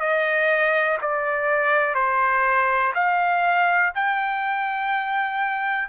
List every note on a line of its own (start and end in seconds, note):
0.00 0.98 D#5
1.01 1.95 D5
1.95 2.93 C5
2.95 3.93 F5
3.95 5.89 G5